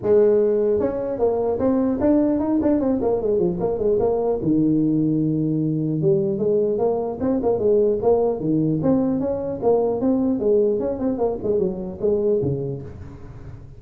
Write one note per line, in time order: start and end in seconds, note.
0.02 0.80 G#3
0.80 1.19 C#4
1.19 1.59 A#3
1.59 1.99 C4
2.00 2.39 D4
2.39 2.59 D#4
2.61 2.80 D4
2.80 3.00 C4
3.01 3.21 A#3
3.21 3.38 G#3
3.38 3.58 F3
3.60 3.78 A#3
3.78 3.98 G#3
3.99 4.39 A#3
4.41 6.01 D#3
6.01 6.38 G3
6.38 6.78 G#3
6.78 7.18 A#3
7.20 7.40 C4
7.42 7.58 A#3
7.58 7.98 G#3
8.02 8.40 A#3
8.40 8.80 D#3
8.82 9.20 C4
9.20 9.60 C#4
9.62 10.01 A#3
10.01 10.39 C4
10.39 10.79 G#3
10.79 10.99 C#4
10.99 11.17 C4
11.17 11.37 A#3
11.43 11.59 G#3
11.59 11.99 F#3
12.01 12.41 G#3
12.42 12.82 C#3